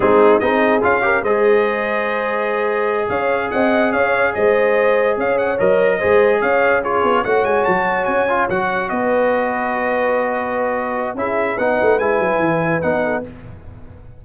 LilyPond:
<<
  \new Staff \with { instrumentName = "trumpet" } { \time 4/4 \tempo 4 = 145 gis'4 dis''4 f''4 dis''4~ | dis''2.~ dis''8 f''8~ | f''8 fis''4 f''4 dis''4.~ | dis''8 f''8 fis''8 dis''2 f''8~ |
f''8 cis''4 fis''8 gis''8 a''4 gis''8~ | gis''8 fis''4 dis''2~ dis''8~ | dis''2. e''4 | fis''4 gis''2 fis''4 | }
  \new Staff \with { instrumentName = "horn" } { \time 4/4 dis'4 gis'4. ais'8 c''4~ | c''2.~ c''8 cis''8~ | cis''8 dis''4 cis''4 c''4.~ | c''8 cis''2 c''4 cis''8~ |
cis''8 gis'4 cis''2~ cis''8~ | cis''4. b'2~ b'8~ | b'2. gis'4 | b'2.~ b'8 a'8 | }
  \new Staff \with { instrumentName = "trombone" } { \time 4/4 c'4 dis'4 f'8 g'8 gis'4~ | gis'1~ | gis'1~ | gis'4. ais'4 gis'4.~ |
gis'8 f'4 fis'2~ fis'8 | f'8 fis'2.~ fis'8~ | fis'2. e'4 | dis'4 e'2 dis'4 | }
  \new Staff \with { instrumentName = "tuba" } { \time 4/4 gis4 c'4 cis'4 gis4~ | gis2.~ gis8 cis'8~ | cis'8 c'4 cis'4 gis4.~ | gis8 cis'4 fis4 gis4 cis'8~ |
cis'4 b8 a8 gis8 fis4 cis'8~ | cis'8 fis4 b2~ b8~ | b2. cis'4 | b8 a8 gis8 fis8 e4 b4 | }
>>